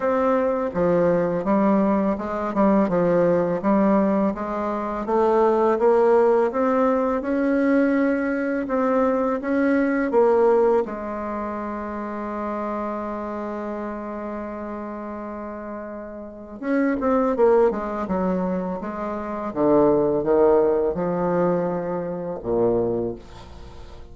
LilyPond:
\new Staff \with { instrumentName = "bassoon" } { \time 4/4 \tempo 4 = 83 c'4 f4 g4 gis8 g8 | f4 g4 gis4 a4 | ais4 c'4 cis'2 | c'4 cis'4 ais4 gis4~ |
gis1~ | gis2. cis'8 c'8 | ais8 gis8 fis4 gis4 d4 | dis4 f2 ais,4 | }